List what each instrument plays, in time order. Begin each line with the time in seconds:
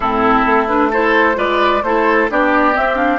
0.00 bassoon A2, clarinet C4, oboe E4, flute A4
0.46 bassoon A3
0.67 clarinet D4, flute B4
0.90 clarinet E4, oboe A4, flute C5
1.35 bassoon G#3, clarinet F4, oboe B4, flute D5
1.82 bassoon A3, clarinet E4, oboe A4, flute C5
2.29 bassoon B3, clarinet D4, oboe G4, flute D5
2.73 clarinet C4, bassoon C4, flute E5
2.95 clarinet D4, flute F5